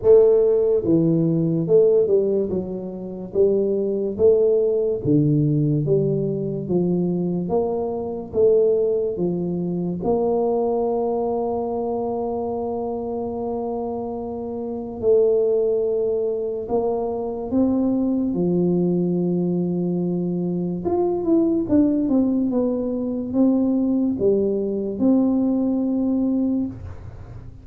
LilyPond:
\new Staff \with { instrumentName = "tuba" } { \time 4/4 \tempo 4 = 72 a4 e4 a8 g8 fis4 | g4 a4 d4 g4 | f4 ais4 a4 f4 | ais1~ |
ais2 a2 | ais4 c'4 f2~ | f4 f'8 e'8 d'8 c'8 b4 | c'4 g4 c'2 | }